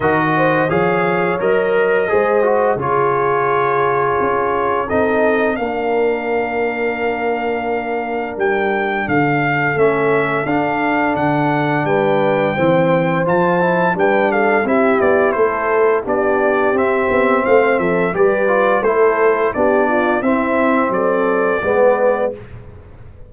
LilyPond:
<<
  \new Staff \with { instrumentName = "trumpet" } { \time 4/4 \tempo 4 = 86 dis''4 f''4 dis''2 | cis''2. dis''4 | f''1 | g''4 f''4 e''4 f''4 |
fis''4 g''2 a''4 | g''8 f''8 e''8 d''8 c''4 d''4 | e''4 f''8 e''8 d''4 c''4 | d''4 e''4 d''2 | }
  \new Staff \with { instrumentName = "horn" } { \time 4/4 ais'8 c''8 cis''2 c''4 | gis'2. a'4 | ais'1~ | ais'4 a'2.~ |
a'4 b'4 c''2 | b'8 a'8 g'4 a'4 g'4~ | g'4 c''8 a'8 b'4 a'4 | g'8 f'8 e'4 a'4 b'4 | }
  \new Staff \with { instrumentName = "trombone" } { \time 4/4 fis'4 gis'4 ais'4 gis'8 fis'8 | f'2. dis'4 | d'1~ | d'2 cis'4 d'4~ |
d'2 c'4 f'8 e'8 | d'4 e'2 d'4 | c'2 g'8 f'8 e'4 | d'4 c'2 b4 | }
  \new Staff \with { instrumentName = "tuba" } { \time 4/4 dis4 f4 fis4 gis4 | cis2 cis'4 c'4 | ais1 | g4 d4 a4 d'4 |
d4 g4 e4 f4 | g4 c'8 b8 a4 b4 | c'8 b8 a8 f8 g4 a4 | b4 c'4 fis4 gis4 | }
>>